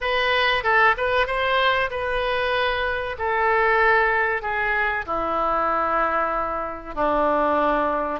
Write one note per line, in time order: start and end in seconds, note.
0.01 0.63 B4
0.63 0.95 A4
0.97 1.27 B4
1.27 1.90 C5
1.90 3.16 B4
3.18 4.42 A4
4.42 5.05 G#4
5.06 6.94 E4
6.94 8.20 D4